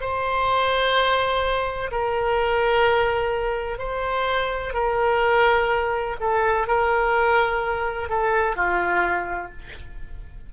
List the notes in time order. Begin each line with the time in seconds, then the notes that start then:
0.00 C5
1.91 A#4
3.78 C5
4.74 A#4
6.20 A4
6.67 A#4
8.09 A4
8.56 F4